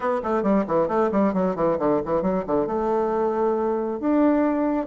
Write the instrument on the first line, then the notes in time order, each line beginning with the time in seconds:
bassoon
0.00 B3
0.23 A3
0.42 G3
0.67 E3
0.88 A3
1.11 G3
1.33 F#3
1.55 E3
1.79 D3
2.05 E3
2.22 F#3
2.46 D3
2.66 A3
4.00 D4